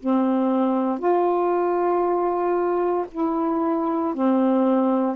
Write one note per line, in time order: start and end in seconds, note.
0.00 0.99 C4
0.99 3.06 F4
3.12 4.15 E4
4.15 5.16 C4